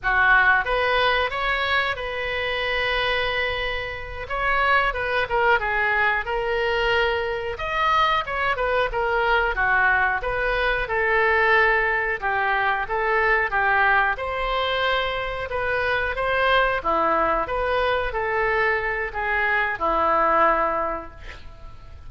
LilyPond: \new Staff \with { instrumentName = "oboe" } { \time 4/4 \tempo 4 = 91 fis'4 b'4 cis''4 b'4~ | b'2~ b'8 cis''4 b'8 | ais'8 gis'4 ais'2 dis''8~ | dis''8 cis''8 b'8 ais'4 fis'4 b'8~ |
b'8 a'2 g'4 a'8~ | a'8 g'4 c''2 b'8~ | b'8 c''4 e'4 b'4 a'8~ | a'4 gis'4 e'2 | }